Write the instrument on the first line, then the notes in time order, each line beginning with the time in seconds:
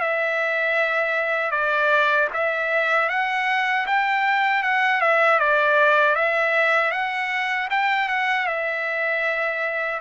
trumpet
0.00 E5
1.51 D5
2.33 E5
3.09 F#5
3.86 G5
4.63 F#5
5.01 E5
5.39 D5
6.15 E5
6.91 F#5
7.70 G5
8.08 F#5
8.47 E5